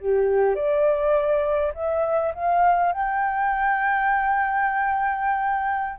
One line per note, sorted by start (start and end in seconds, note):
0.00 0.55 G4
0.55 1.72 D5
1.74 2.33 E5
2.34 2.92 F5
2.92 5.99 G5